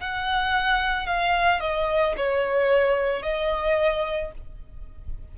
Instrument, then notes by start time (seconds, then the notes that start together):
violin
0.00 F#5
1.06 F5
1.60 D#5
2.17 C#5
3.22 D#5